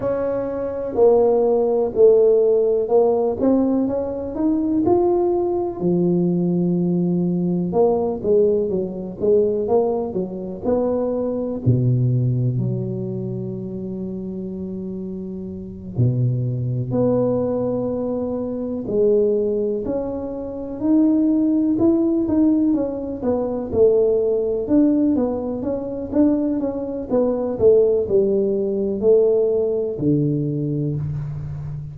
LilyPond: \new Staff \with { instrumentName = "tuba" } { \time 4/4 \tempo 4 = 62 cis'4 ais4 a4 ais8 c'8 | cis'8 dis'8 f'4 f2 | ais8 gis8 fis8 gis8 ais8 fis8 b4 | b,4 fis2.~ |
fis8 b,4 b2 gis8~ | gis8 cis'4 dis'4 e'8 dis'8 cis'8 | b8 a4 d'8 b8 cis'8 d'8 cis'8 | b8 a8 g4 a4 d4 | }